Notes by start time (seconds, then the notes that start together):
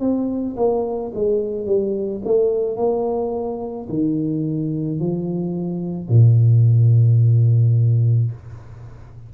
0.00 C4
0.56 A#3
1.14 G#3
1.66 G3
2.25 A3
2.76 A#3
3.89 D#3
4.99 F3
6.09 A#2